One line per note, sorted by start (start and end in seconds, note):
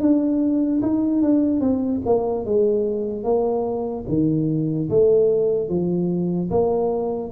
0.00 0.81 D4
0.83 1.22 D#4
1.22 1.61 D4
1.61 2.01 C4
2.06 2.45 A#3
2.45 3.24 G#3
3.24 4.05 A#3
4.08 4.89 D#3
4.90 5.69 A3
5.69 6.50 F3
6.51 7.32 A#3